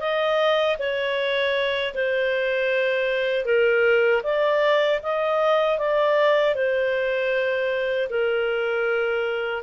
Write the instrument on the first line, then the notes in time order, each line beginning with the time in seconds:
clarinet
0.00 D#5
0.79 C#5
1.94 C5
3.45 A#4
4.23 D5
5.03 D#5
5.79 D5
6.55 C5
8.10 A#4